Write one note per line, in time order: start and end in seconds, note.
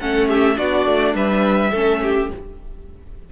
0.00 0.58 A3
0.00 0.55 C#4
0.00 0.28 A4
0.00 0.29 F#5
0.28 0.57 G4
0.28 0.58 E5
0.55 0.86 B3
0.55 1.70 D4
0.55 1.15 F#4
0.55 1.15 D5
0.86 1.15 A3
1.15 1.72 G3
1.15 1.71 B4
1.15 2.30 E5
1.71 2.31 A3
1.71 2.32 C#4
1.71 2.00 A4
2.03 2.32 G4